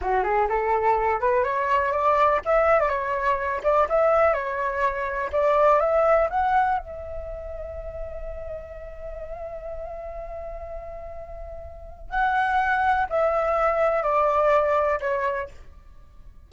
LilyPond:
\new Staff \with { instrumentName = "flute" } { \time 4/4 \tempo 4 = 124 fis'8 gis'8 a'4. b'8 cis''4 | d''4 e''8. d''16 cis''4. d''8 | e''4 cis''2 d''4 | e''4 fis''4 e''2~ |
e''1~ | e''1~ | e''4 fis''2 e''4~ | e''4 d''2 cis''4 | }